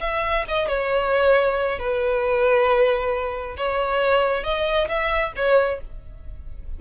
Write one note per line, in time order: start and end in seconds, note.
0.00 0.44 E5
0.48 0.68 D#5
0.68 1.78 C#5
1.78 3.56 B4
3.57 4.43 C#5
4.43 4.88 D#5
4.88 5.33 E5
5.36 5.80 C#5